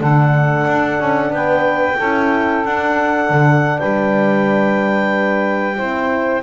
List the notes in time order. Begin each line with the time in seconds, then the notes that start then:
0.00 D3 D4 A4 F#5
0.67 D4
1.00 C#4
1.30 B3 B4 G5
1.97 C#4 E4 A4
2.64 D4 F#5
3.30 D3
3.79 G3 B4 G5
5.77 C4 E4 C5